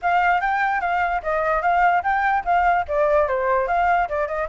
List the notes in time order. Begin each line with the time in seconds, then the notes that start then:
0.01 F5
0.41 G5
0.81 F5
1.22 D#5
1.62 F5
2.03 G5
2.44 F5
2.88 D5
3.28 C5
3.67 F5
4.09 D5
4.27 D#5